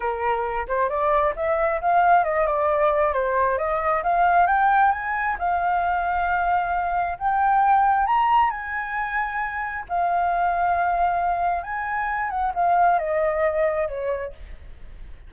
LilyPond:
\new Staff \with { instrumentName = "flute" } { \time 4/4 \tempo 4 = 134 ais'4. c''8 d''4 e''4 | f''4 dis''8 d''4. c''4 | dis''4 f''4 g''4 gis''4 | f''1 |
g''2 ais''4 gis''4~ | gis''2 f''2~ | f''2 gis''4. fis''8 | f''4 dis''2 cis''4 | }